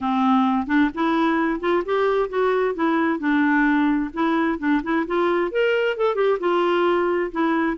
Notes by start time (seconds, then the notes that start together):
0.00 C4
0.66 D4
0.94 E4
1.60 F4
1.85 G4
2.29 F#4
2.74 E4
3.19 D4
4.13 E4
4.58 D4
4.83 E4
5.06 F4
5.51 A#4
5.97 A4
6.15 G4
6.39 F4
7.31 E4